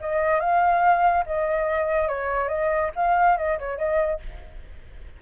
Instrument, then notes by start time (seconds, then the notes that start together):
flute
0.00 D#5
0.40 F5
1.26 D#5
2.08 C#5
2.48 D#5
2.96 F5
3.37 D#5
3.58 C#5
3.78 D#5